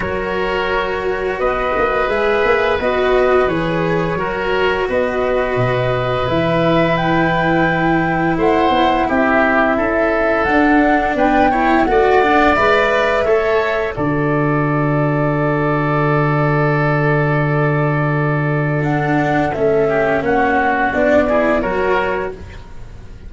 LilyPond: <<
  \new Staff \with { instrumentName = "flute" } { \time 4/4 \tempo 4 = 86 cis''2 dis''4 e''4 | dis''4 cis''2 dis''4~ | dis''4 e''4 g''2 | fis''4 e''2 fis''4 |
g''4 fis''4 e''2 | d''1~ | d''2. fis''4 | e''4 fis''4 d''4 cis''4 | }
  \new Staff \with { instrumentName = "oboe" } { \time 4/4 ais'2 b'2~ | b'2 ais'4 b'4~ | b'1 | c''4 g'4 a'2 |
b'8 cis''8 d''2 cis''4 | a'1~ | a'1~ | a'8 g'8 fis'4. gis'8 ais'4 | }
  \new Staff \with { instrumentName = "cello" } { \time 4/4 fis'2. gis'4 | fis'4 gis'4 fis'2~ | fis'4 e'2.~ | e'2. d'4~ |
d'8 e'8 fis'8 d'8 b'4 a'4 | fis'1~ | fis'2. d'4 | cis'2 d'8 e'8 fis'4 | }
  \new Staff \with { instrumentName = "tuba" } { \time 4/4 fis2 b8 ais8 gis8 ais8 | b4 e4 fis4 b4 | b,4 e2. | a8 b8 c'4 cis'4 d'4 |
b4 a4 gis4 a4 | d1~ | d1 | a4 ais4 b4 fis4 | }
>>